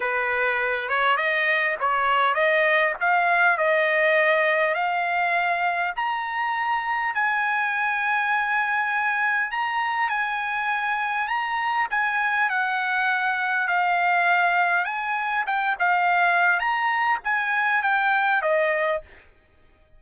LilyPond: \new Staff \with { instrumentName = "trumpet" } { \time 4/4 \tempo 4 = 101 b'4. cis''8 dis''4 cis''4 | dis''4 f''4 dis''2 | f''2 ais''2 | gis''1 |
ais''4 gis''2 ais''4 | gis''4 fis''2 f''4~ | f''4 gis''4 g''8 f''4. | ais''4 gis''4 g''4 dis''4 | }